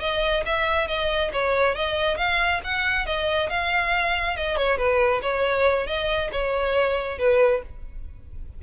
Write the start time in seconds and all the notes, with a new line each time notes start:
0.00 D#5
0.45 E5
0.87 D#5
1.33 C#5
1.75 D#5
2.17 F5
2.64 F#5
3.06 D#5
3.50 F5
4.36 D#5
4.56 C#5
4.77 B4
5.22 C#5
5.87 D#5
6.32 C#5
7.18 B4